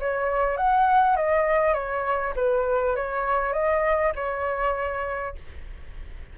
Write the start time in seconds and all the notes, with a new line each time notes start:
0.00 C#5
0.57 F#5
1.16 D#5
1.74 C#5
2.36 B4
2.96 C#5
3.53 D#5
4.16 C#5